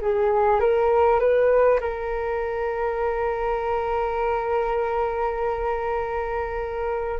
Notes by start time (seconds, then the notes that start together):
0.00 G#4
0.59 A#4
1.19 B4
1.80 A#4